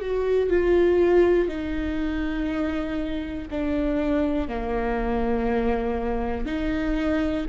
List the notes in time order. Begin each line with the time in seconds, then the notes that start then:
0.00 F#4
0.50 F4
1.48 D#4
3.50 D4
4.48 A#3
6.46 D#4